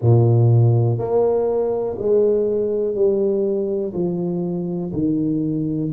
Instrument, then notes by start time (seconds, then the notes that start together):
tuba
0.01 A#2
0.98 A#3
1.98 G#3
2.95 G3
3.93 F3
4.93 D#3